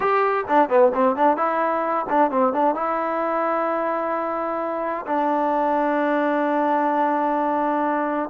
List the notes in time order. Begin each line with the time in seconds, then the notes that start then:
0.00 G4
0.48 D4
0.69 B3
0.94 C4
1.16 D4
1.36 E4
2.09 D4
2.31 C4
2.53 D4
2.75 E4
5.06 D4